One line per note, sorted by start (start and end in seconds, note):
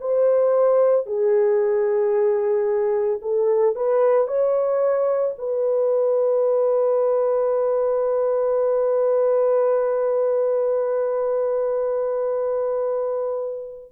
0.00 1.06 C5
1.06 3.20 G#4
3.21 3.75 A4
3.75 4.28 B4
4.28 5.35 C#5
5.38 13.92 B4